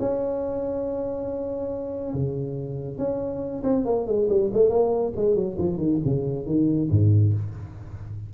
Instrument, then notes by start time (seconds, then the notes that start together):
tuba
0.00 C#4
2.14 C#3
2.98 C#4
3.64 C4
3.85 A#3
4.07 G#3
4.29 G3
4.53 A3
4.70 A#3
5.16 G#3
5.35 F#3
5.59 F3
5.78 D#3
6.05 C#3
6.46 D#3
6.90 G#2